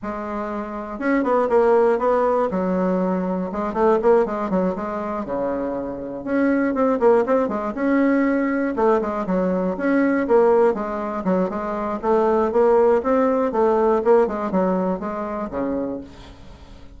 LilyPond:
\new Staff \with { instrumentName = "bassoon" } { \time 4/4 \tempo 4 = 120 gis2 cis'8 b8 ais4 | b4 fis2 gis8 a8 | ais8 gis8 fis8 gis4 cis4.~ | cis8 cis'4 c'8 ais8 c'8 gis8 cis'8~ |
cis'4. a8 gis8 fis4 cis'8~ | cis'8 ais4 gis4 fis8 gis4 | a4 ais4 c'4 a4 | ais8 gis8 fis4 gis4 cis4 | }